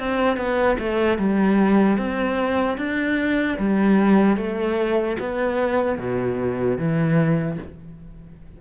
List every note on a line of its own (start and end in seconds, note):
0.00 0.37 C4
0.37 0.77 B3
0.79 1.19 A3
1.19 1.98 G3
1.98 2.78 C4
2.78 3.58 D4
3.59 4.37 G3
4.37 5.17 A3
5.20 5.99 B3
5.99 6.79 B2
6.79 7.59 E3